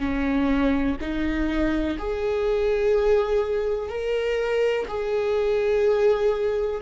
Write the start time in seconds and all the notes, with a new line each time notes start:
0.00 C#4
1.01 D#4
1.98 G#4
3.89 A#4
4.88 G#4